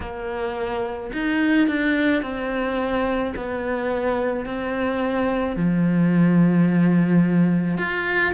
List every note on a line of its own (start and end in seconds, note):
0.00 1.11 A#3
1.13 1.67 D#4
1.67 2.22 D4
2.22 3.33 C4
3.35 4.45 B3
4.45 5.56 C4
5.56 7.77 F3
7.77 8.33 F4